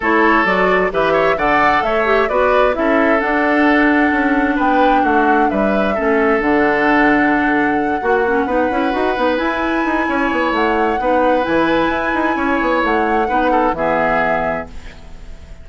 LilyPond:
<<
  \new Staff \with { instrumentName = "flute" } { \time 4/4 \tempo 4 = 131 cis''4 d''4 e''4 fis''4 | e''4 d''4 e''4 fis''4~ | fis''2 g''4 fis''4 | e''2 fis''2~ |
fis''1~ | fis''8 gis''2~ gis''8 fis''4~ | fis''4 gis''2. | fis''2 e''2 | }
  \new Staff \with { instrumentName = "oboe" } { \time 4/4 a'2 b'8 cis''8 d''4 | cis''4 b'4 a'2~ | a'2 b'4 fis'4 | b'4 a'2.~ |
a'4. fis'4 b'4.~ | b'2 cis''2 | b'2. cis''4~ | cis''4 b'8 a'8 gis'2 | }
  \new Staff \with { instrumentName = "clarinet" } { \time 4/4 e'4 fis'4 g'4 a'4~ | a'8 g'8 fis'4 e'4 d'4~ | d'1~ | d'4 cis'4 d'2~ |
d'4. fis'8 cis'8 dis'8 e'8 fis'8 | dis'8 e'2.~ e'8 | dis'4 e'2.~ | e'4 dis'4 b2 | }
  \new Staff \with { instrumentName = "bassoon" } { \time 4/4 a4 fis4 e4 d4 | a4 b4 cis'4 d'4~ | d'4 cis'4 b4 a4 | g4 a4 d2~ |
d4. ais4 b8 cis'8 dis'8 | b8 e'4 dis'8 cis'8 b8 a4 | b4 e4 e'8 dis'8 cis'8 b8 | a4 b4 e2 | }
>>